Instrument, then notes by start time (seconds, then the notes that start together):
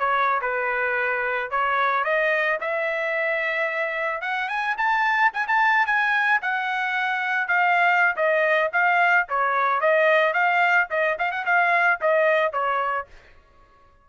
trumpet
0.00 C#5
0.42 B4
1.51 C#5
2.05 D#5
2.61 E5
4.22 F#5
4.49 G#5
4.78 A5
5.34 G#5
5.48 A5
5.87 G#5
6.42 F#5
7.48 F5
8.17 D#5
8.73 F5
9.30 C#5
9.81 D#5
10.34 F5
10.91 D#5
11.19 F5
11.32 F#5
11.46 F5
12.01 D#5
12.53 C#5